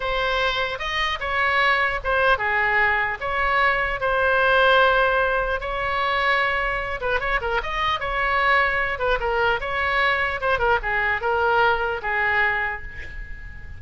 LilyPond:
\new Staff \with { instrumentName = "oboe" } { \time 4/4 \tempo 4 = 150 c''2 dis''4 cis''4~ | cis''4 c''4 gis'2 | cis''2 c''2~ | c''2 cis''2~ |
cis''4. b'8 cis''8 ais'8 dis''4 | cis''2~ cis''8 b'8 ais'4 | cis''2 c''8 ais'8 gis'4 | ais'2 gis'2 | }